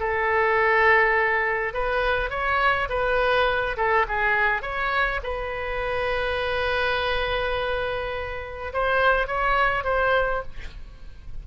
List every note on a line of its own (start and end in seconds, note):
0.00 1.74 A4
1.74 2.30 B4
2.30 2.89 C#5
2.90 3.77 B4
3.77 4.06 A4
4.08 4.63 G#4
4.63 5.21 C#5
5.24 8.73 B4
8.74 9.28 C5
9.28 9.84 C#5
9.84 10.43 C5